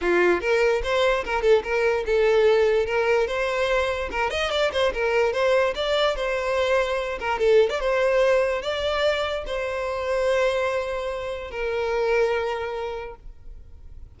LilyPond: \new Staff \with { instrumentName = "violin" } { \time 4/4 \tempo 4 = 146 f'4 ais'4 c''4 ais'8 a'8 | ais'4 a'2 ais'4 | c''2 ais'8 dis''8 d''8 c''8 | ais'4 c''4 d''4 c''4~ |
c''4. ais'8 a'8. d''16 c''4~ | c''4 d''2 c''4~ | c''1 | ais'1 | }